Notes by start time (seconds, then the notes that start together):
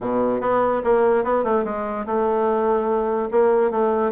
0.00 B2
0.41 B3
0.84 A#3
1.24 B3
1.44 A3
1.64 G#3
2.05 A3
3.31 A#3
3.70 A3